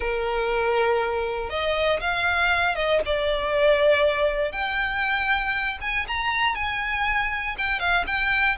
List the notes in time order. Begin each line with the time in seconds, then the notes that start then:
0.00 A#4
1.49 D#5
2.00 F5
2.75 D#5
3.05 D5
4.52 G5
5.81 G#5
6.07 A#5
6.55 G#5
7.57 G5
7.79 F5
8.06 G5